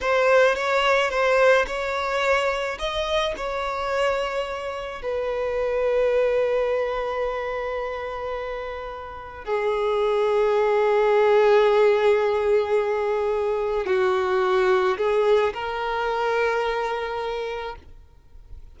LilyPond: \new Staff \with { instrumentName = "violin" } { \time 4/4 \tempo 4 = 108 c''4 cis''4 c''4 cis''4~ | cis''4 dis''4 cis''2~ | cis''4 b'2.~ | b'1~ |
b'4 gis'2.~ | gis'1~ | gis'4 fis'2 gis'4 | ais'1 | }